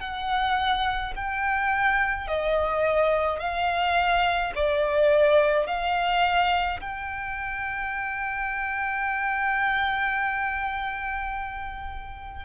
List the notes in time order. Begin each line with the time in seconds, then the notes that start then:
0.00 F#5
1.15 G5
2.27 D#5
3.39 F5
4.55 D5
5.67 F5
6.80 G5